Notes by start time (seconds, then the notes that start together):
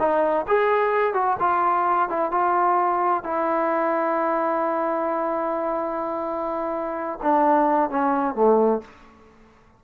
0.00 D#4
0.48 G#4
1.14 F#4
1.40 F4
2.10 E4
2.32 F4
3.24 E4
7.23 D4
7.91 C#4
8.35 A3